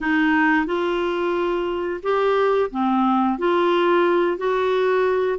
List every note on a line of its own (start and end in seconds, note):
0.00 0.66 D#4
0.66 2.00 F4
2.03 2.70 G4
2.71 3.38 C4
3.38 4.37 F4
4.37 5.38 F#4